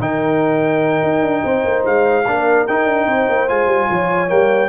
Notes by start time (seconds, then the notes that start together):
0.00 D#3 D#4 A#4 G5
1.04 D#4
1.22 D4
1.44 C4 C5
1.65 A#3
1.86 G#3 F5
2.25 A#3 D4 A#4
2.67 D#4 G5
2.86 D4
3.07 C4 C5
3.29 A#3
3.48 G#3 F4 G#5
3.66 G3
3.89 F3 C#5
4.29 G3 A#3 G5